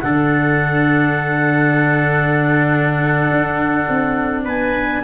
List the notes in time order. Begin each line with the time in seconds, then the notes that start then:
0.00 D3 D4 A4 F#5
3.30 D4
3.89 C4
4.44 B3 B4 G#5